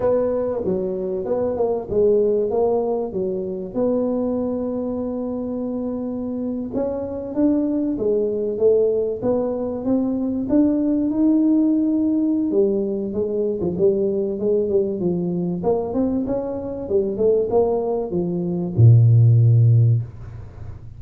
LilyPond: \new Staff \with { instrumentName = "tuba" } { \time 4/4 \tempo 4 = 96 b4 fis4 b8 ais8 gis4 | ais4 fis4 b2~ | b2~ b8. cis'4 d'16~ | d'8. gis4 a4 b4 c'16~ |
c'8. d'4 dis'2~ dis'16 | g4 gis8. f16 g4 gis8 g8 | f4 ais8 c'8 cis'4 g8 a8 | ais4 f4 ais,2 | }